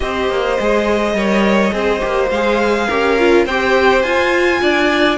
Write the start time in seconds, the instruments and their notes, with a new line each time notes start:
0.00 cello C4, viola G4, violin C5 D#5
0.29 cello A#3
0.59 cello G#3, viola G#4
1.13 cello G3, viola A#4, violin C#5
1.71 cello C4, viola G#4, violin C5
1.99 cello A#3, viola G4
2.30 cello G#3, viola G#4, violin F5
2.87 cello C#4, viola G4, violin A#4
3.18 viola F4
3.45 cello C4, viola G4, violin C5 G5
4.02 viola F4, cello F4, violin G#5
4.62 cello D4, violin D5